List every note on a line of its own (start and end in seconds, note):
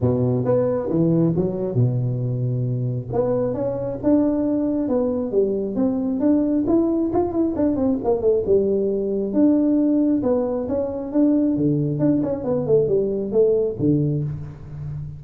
0.01 0.44 B2
0.44 0.89 B3
0.89 1.34 E3
1.36 1.74 F#3
1.74 3.08 B2
3.12 3.54 B3
3.54 3.98 C#4
4.03 4.88 D4
4.88 5.31 B3
5.31 5.75 G3
5.75 6.20 C4
6.20 6.64 D4
6.66 7.11 E4
7.13 7.32 F4
7.32 7.54 E4
7.56 7.76 D4
7.76 7.98 C4
8.03 8.21 A#3
8.21 8.43 A3
8.46 9.33 G3
9.33 10.22 D4
10.23 10.67 B3
10.68 11.12 C#4
11.12 11.56 D4
11.56 11.99 D3
11.99 12.21 D4
12.22 12.44 C#4
12.44 12.66 B3
12.66 12.88 A3
12.88 13.32 G3
13.32 13.76 A3
13.79 14.23 D3